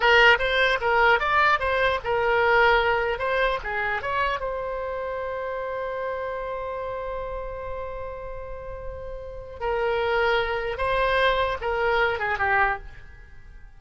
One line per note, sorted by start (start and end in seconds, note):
0.00 0.38 A#4
0.39 0.79 C5
0.80 1.19 A#4
1.19 1.59 D5
1.59 1.99 C5
2.03 3.18 A#4
3.18 3.58 C5
3.63 4.02 G#4
4.02 4.39 C#5
4.39 9.59 C5
9.59 10.77 A#4
10.77 11.57 C5
11.61 12.19 A#4
12.19 12.38 G#4
12.38 12.78 G4